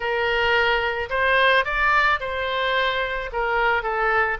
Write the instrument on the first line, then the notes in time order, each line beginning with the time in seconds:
oboe
0.00 A#4
1.09 C5
1.64 D5
2.20 C5
3.32 A#4
3.82 A4